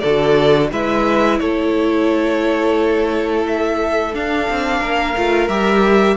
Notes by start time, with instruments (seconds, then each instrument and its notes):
0.00 cello D3, violin A4 D5
0.06 viola F#4
0.72 cello G#3, viola E4, violin B4 E5
1.39 cello A3, violin A4 C#5
3.47 violin E5
4.13 viola D4, cello D4, violin F5
4.50 cello C4
4.79 cello A#3, violin A#4
5.17 cello A3, viola F4
5.48 cello G3, viola G4, violin E5